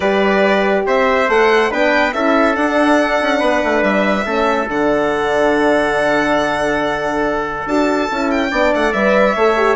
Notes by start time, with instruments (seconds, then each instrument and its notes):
0.00 bassoon G3, horn G4, trumpet B4, violin D5
0.86 bassoon C4, trumpet C5, violin E5
1.28 bassoon A3, horn A4, violin F#5
1.70 bassoon B3, horn D4, trumpet B4, violin G5
2.13 bassoon C#4, horn E4, trumpet A4, violin E5
2.53 horn D4, bassoon D4, violin F#5
3.21 bassoon C#4
3.39 bassoon B3, trumpet B4
3.63 bassoon A3
3.82 bassoon G3, violin E5
4.25 bassoon A3, horn C#4, trumpet A4
4.67 bassoon D3, horn D4, violin F#5
7.66 bassoon D4, horn F#4, violin A5
8.10 bassoon C#4, horn E4
8.30 violin G5
8.50 bassoon B3, horn D4, trumpet D5
8.74 bassoon A3, violin F#5
8.92 bassoon G3, horn B4, violin E5
9.35 bassoon A3, horn A4, trumpet C#5
9.56 horn G4